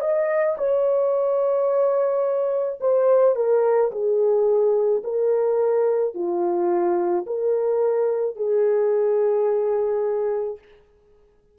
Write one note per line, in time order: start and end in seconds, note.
0.00 0.56 D#5
0.57 2.79 C#5
2.80 3.35 C5
3.35 3.91 A#4
3.91 5.03 G#4
5.04 6.14 A#4
6.14 7.25 F4
7.26 8.36 A#4
8.36 10.58 G#4